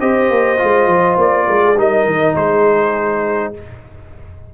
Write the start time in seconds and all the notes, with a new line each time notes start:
0.00 C4 G4 C5 D#5
0.30 A#3
0.58 G#3 F4
0.87 F3
1.17 A#3 D5
1.47 G#3 A#4
1.64 G#4
1.77 G3 D#4 A#4 D#5
2.06 D#3
2.35 G#3 G#4 C5